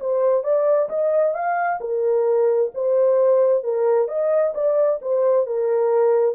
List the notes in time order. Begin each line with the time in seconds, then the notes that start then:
0.00 C5
0.43 D5
0.89 D#5
1.34 F5
1.81 A#4
2.74 C5
3.64 A#4
4.08 D#5
4.54 D5
5.02 C5
5.46 A#4